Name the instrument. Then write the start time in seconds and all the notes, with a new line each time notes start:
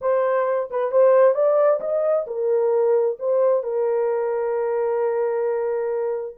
horn
0.01 C5
0.70 B4
0.91 C5
1.34 D5
1.80 D#5
2.26 A#4
3.19 C5
3.63 A#4